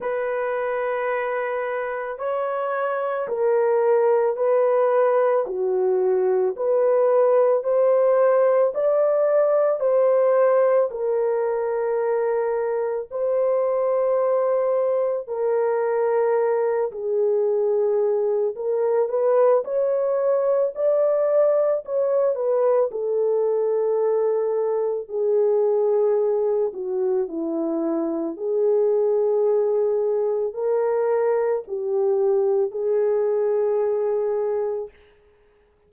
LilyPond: \new Staff \with { instrumentName = "horn" } { \time 4/4 \tempo 4 = 55 b'2 cis''4 ais'4 | b'4 fis'4 b'4 c''4 | d''4 c''4 ais'2 | c''2 ais'4. gis'8~ |
gis'4 ais'8 b'8 cis''4 d''4 | cis''8 b'8 a'2 gis'4~ | gis'8 fis'8 e'4 gis'2 | ais'4 g'4 gis'2 | }